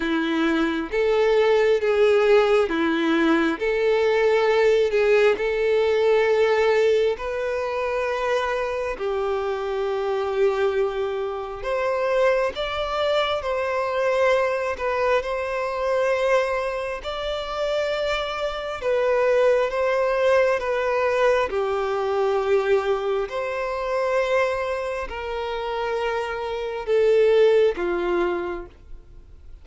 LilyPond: \new Staff \with { instrumentName = "violin" } { \time 4/4 \tempo 4 = 67 e'4 a'4 gis'4 e'4 | a'4. gis'8 a'2 | b'2 g'2~ | g'4 c''4 d''4 c''4~ |
c''8 b'8 c''2 d''4~ | d''4 b'4 c''4 b'4 | g'2 c''2 | ais'2 a'4 f'4 | }